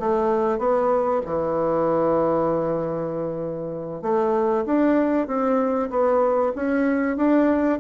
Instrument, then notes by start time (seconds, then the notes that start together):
bassoon
0.00 A3
0.59 B3
1.26 E3
4.02 A3
4.66 D4
5.27 C4
5.90 B3
6.56 C#4
7.17 D4